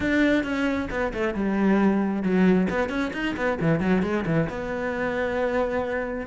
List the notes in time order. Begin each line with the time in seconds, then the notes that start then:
0.00 D4
0.43 C#4
0.90 B3
1.13 A3
1.34 G3
2.23 F#3
2.69 B3
2.89 C#4
3.13 D#4
3.36 B3
3.60 E3
3.80 F#3
4.02 G#3
4.25 E3
4.49 B3